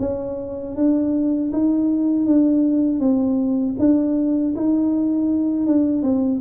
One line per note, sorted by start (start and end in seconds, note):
0.00 0.76 C#4
0.76 1.52 D4
1.53 2.26 D#4
2.26 3.00 D4
3.00 3.76 C4
3.79 4.55 D4
4.56 5.67 D#4
5.67 6.03 D4
6.03 6.41 C4